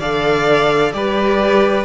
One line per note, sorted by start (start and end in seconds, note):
0.00 0.93 D3
0.00 0.94 A4
0.00 0.92 D5
0.00 0.93 F5
0.93 1.85 G3
0.93 1.85 G4
0.93 1.85 B4
0.93 1.85 D5